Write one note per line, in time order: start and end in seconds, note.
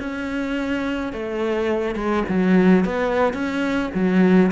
0.00 1.13 C#4
1.13 1.96 A3
1.96 2.24 G#3
2.29 2.85 F#3
2.85 3.34 B3
3.34 3.91 C#4
3.95 4.51 F#3